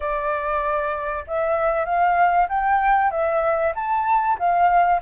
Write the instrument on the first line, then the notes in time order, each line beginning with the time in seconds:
flute
0.00 D5
1.27 E5
1.85 F5
2.48 G5
3.10 E5
3.75 A5
4.38 F5